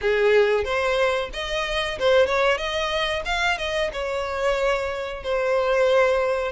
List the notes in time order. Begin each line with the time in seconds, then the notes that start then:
0.01 G#4
0.64 C5
1.33 D#5
1.99 C5
2.26 C#5
2.57 D#5
3.25 F5
3.58 D#5
3.92 C#5
5.23 C5